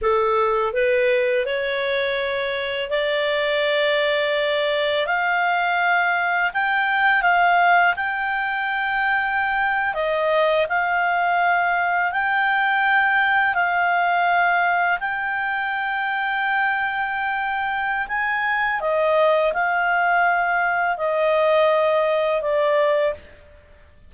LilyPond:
\new Staff \with { instrumentName = "clarinet" } { \time 4/4 \tempo 4 = 83 a'4 b'4 cis''2 | d''2. f''4~ | f''4 g''4 f''4 g''4~ | g''4.~ g''16 dis''4 f''4~ f''16~ |
f''8. g''2 f''4~ f''16~ | f''8. g''2.~ g''16~ | g''4 gis''4 dis''4 f''4~ | f''4 dis''2 d''4 | }